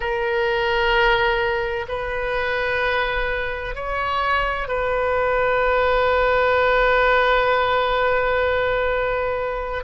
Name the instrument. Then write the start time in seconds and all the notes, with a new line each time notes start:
oboe
0.00 A#4
1.88 B4
3.75 C#5
4.68 B4